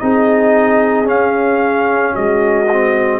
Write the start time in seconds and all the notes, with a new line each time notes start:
0.00 C4 D#4 G#4 D#5
1.05 C#4 F5
2.13 G#3 F#4 D#5
2.73 C4